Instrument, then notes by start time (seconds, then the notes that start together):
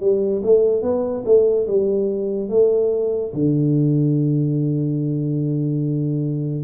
tuba
0.00 G3
0.44 A3
0.82 B3
1.25 A3
1.67 G3
2.49 A3
3.34 D3